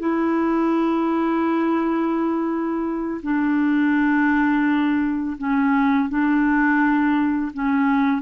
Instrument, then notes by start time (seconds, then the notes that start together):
clarinet
0.00 E4
3.23 D4
5.38 C#4
6.09 D4
7.54 C#4